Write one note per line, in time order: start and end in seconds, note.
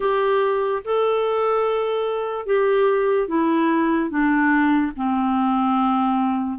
0.00 0.82 G4
0.84 2.46 A4
2.46 3.28 G4
3.28 4.09 E4
4.09 4.92 D4
4.96 6.58 C4